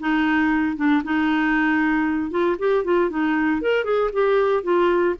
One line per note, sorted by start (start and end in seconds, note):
0.00 0.76 D#4
0.76 1.02 D4
1.04 2.30 D#4
2.30 2.56 F4
2.59 2.84 G4
2.84 3.10 F4
3.10 3.61 D#4
3.61 3.84 A#4
3.84 4.10 G#4
4.13 4.63 G4
4.63 5.15 F4